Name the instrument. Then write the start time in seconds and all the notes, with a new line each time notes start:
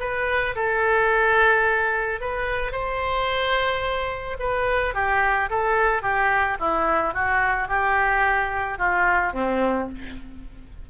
oboe
0.00 B4
0.56 A4
2.21 B4
2.72 C5
4.39 B4
4.94 G4
5.50 A4
6.02 G4
6.60 E4
7.14 F#4
7.68 G4
8.78 F4
9.33 C4